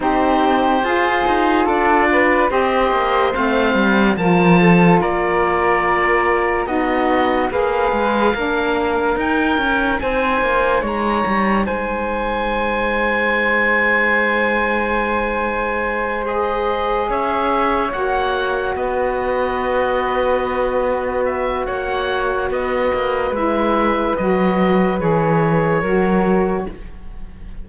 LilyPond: <<
  \new Staff \with { instrumentName = "oboe" } { \time 4/4 \tempo 4 = 72 c''2 d''4 dis''4 | f''4 a''4 d''2 | dis''4 f''2 g''4 | gis''4 ais''4 gis''2~ |
gis''2.~ gis''8 dis''8~ | dis''8 e''4 fis''4 dis''4.~ | dis''4. e''8 fis''4 dis''4 | e''4 dis''4 cis''2 | }
  \new Staff \with { instrumentName = "flute" } { \time 4/4 g'4 gis'4 a'8 b'8 c''4~ | c''4 ais'8 a'8 ais'2 | fis'4 b'4 ais'2 | c''4 cis''4 c''2~ |
c''1~ | c''8 cis''2 b'4.~ | b'2 cis''4 b'4~ | b'2. ais'4 | }
  \new Staff \with { instrumentName = "saxophone" } { \time 4/4 dis'4 f'2 g'4 | c'4 f'2. | dis'4 gis'4 d'4 dis'4~ | dis'1~ |
dis'2.~ dis'8 gis'8~ | gis'4. fis'2~ fis'8~ | fis'1 | e'4 fis'4 gis'4 fis'4 | }
  \new Staff \with { instrumentName = "cello" } { \time 4/4 c'4 f'8 dis'8 d'4 c'8 ais8 | a8 g8 f4 ais2 | b4 ais8 gis8 ais4 dis'8 cis'8 | c'8 ais8 gis8 g8 gis2~ |
gis1~ | gis8 cis'4 ais4 b4.~ | b2 ais4 b8 ais8 | gis4 fis4 e4 fis4 | }
>>